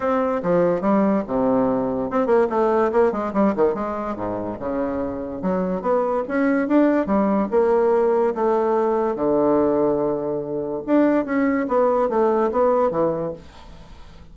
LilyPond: \new Staff \with { instrumentName = "bassoon" } { \time 4/4 \tempo 4 = 144 c'4 f4 g4 c4~ | c4 c'8 ais8 a4 ais8 gis8 | g8 dis8 gis4 gis,4 cis4~ | cis4 fis4 b4 cis'4 |
d'4 g4 ais2 | a2 d2~ | d2 d'4 cis'4 | b4 a4 b4 e4 | }